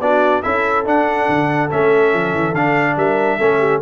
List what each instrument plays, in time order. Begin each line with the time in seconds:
0.00 tuba B3, trombone D4, horn F#4, trumpet D5
0.42 tuba C#4, trombone E4, horn A4, trumpet E5
0.85 trombone D4, tuba D4, trumpet F#5
1.29 tuba D3
1.70 tuba A3, trombone C#4, trumpet E5
2.13 tuba F3
2.33 tuba E3
2.54 tuba D3, trombone D4, trumpet F5
2.96 tuba G3, horn A#4, trumpet E5
3.38 tuba A3, trombone C#4, horn A4
3.59 horn G4